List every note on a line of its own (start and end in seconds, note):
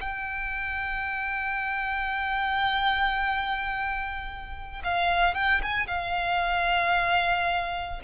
0.00 4.82 G5
4.84 5.34 F5
5.34 5.61 G5
5.62 5.87 G#5
5.87 8.01 F5